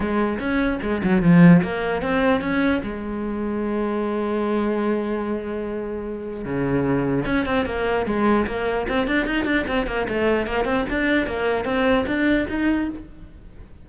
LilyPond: \new Staff \with { instrumentName = "cello" } { \time 4/4 \tempo 4 = 149 gis4 cis'4 gis8 fis8 f4 | ais4 c'4 cis'4 gis4~ | gis1~ | gis1 |
cis2 cis'8 c'8 ais4 | gis4 ais4 c'8 d'8 dis'8 d'8 | c'8 ais8 a4 ais8 c'8 d'4 | ais4 c'4 d'4 dis'4 | }